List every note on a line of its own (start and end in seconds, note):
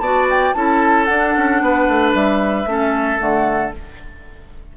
0.00 0.53 B3
0.00 0.55 F#4
0.00 0.56 D5
0.00 0.27 A5
0.30 0.54 G5
0.54 1.09 C#4
0.54 1.07 E4
0.54 1.63 A4
0.54 1.05 A5
1.05 2.67 D4
1.05 1.35 D4
1.05 2.11 F#5
1.37 1.61 C#4
1.61 1.88 B3
1.61 2.70 B4
1.88 2.14 A3
2.14 2.66 G3
2.14 3.20 E5
2.66 3.19 A3
2.66 3.18 C#4
2.66 3.77 A4
3.18 3.74 D3
3.18 3.72 A3
3.18 3.73 F#5